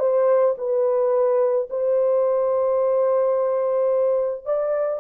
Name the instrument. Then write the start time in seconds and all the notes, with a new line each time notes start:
horn
0.00 C5
0.58 B4
1.70 C5
4.46 D5